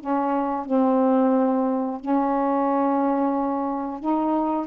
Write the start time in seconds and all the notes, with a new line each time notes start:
0.00 C#4
0.66 C4
2.01 C#4
4.00 D#4